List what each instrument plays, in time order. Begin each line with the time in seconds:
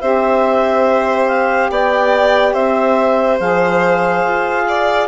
0.00 bassoon C4, saxophone G4, violin C5, clarinet E5
1.27 clarinet F5
1.70 bassoon B3, violin D5, clarinet G5
2.53 bassoon C4, violin C5, clarinet E5
3.39 bassoon F3, saxophone G#4, clarinet F5
4.23 bassoon F4
4.68 violin D5